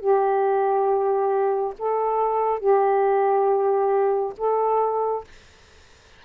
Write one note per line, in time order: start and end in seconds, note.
0.00 1.74 G4
1.79 2.59 A4
2.59 4.33 G4
4.37 5.24 A4